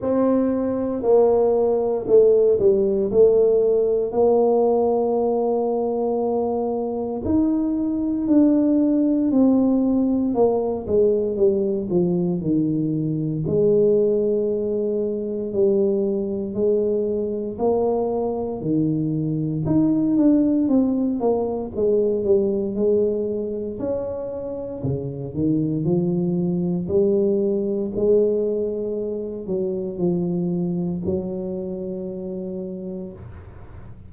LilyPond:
\new Staff \with { instrumentName = "tuba" } { \time 4/4 \tempo 4 = 58 c'4 ais4 a8 g8 a4 | ais2. dis'4 | d'4 c'4 ais8 gis8 g8 f8 | dis4 gis2 g4 |
gis4 ais4 dis4 dis'8 d'8 | c'8 ais8 gis8 g8 gis4 cis'4 | cis8 dis8 f4 g4 gis4~ | gis8 fis8 f4 fis2 | }